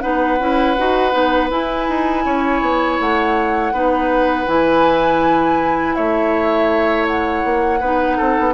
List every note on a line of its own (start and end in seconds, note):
0.00 0.40 B3
0.00 0.38 D#4
0.00 2.25 B4
0.00 1.48 F#5
0.40 0.77 C#4
0.40 0.77 E4
0.78 1.14 D#4
0.78 1.11 F#4
1.11 1.50 B3
1.11 1.48 D#4
1.50 1.87 E4
1.50 3.73 E4
1.50 3.00 G#5
1.89 2.25 D#4
2.25 2.61 C#4
2.25 3.73 C#5
2.61 2.98 B3
3.00 3.73 A3
3.00 4.48 F#5
3.73 4.47 B3
3.73 4.47 D#4
3.73 5.95 B4
4.47 5.95 E3
4.47 7.80 E4
4.47 5.95 G#5
5.95 7.44 A3
5.95 7.80 C#5
5.95 7.06 E5
7.07 8.54 F#5
7.44 7.81 A#3
7.80 8.18 B3
7.80 8.54 D#4
7.80 8.17 B4
8.17 8.39 C4
8.17 8.54 A4
8.39 8.54 B3